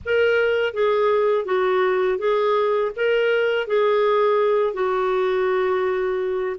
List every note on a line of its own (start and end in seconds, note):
0.05 0.73 A#4
0.73 1.45 G#4
1.45 2.18 F#4
2.18 2.91 G#4
2.95 3.67 A#4
3.67 4.73 G#4
4.73 6.56 F#4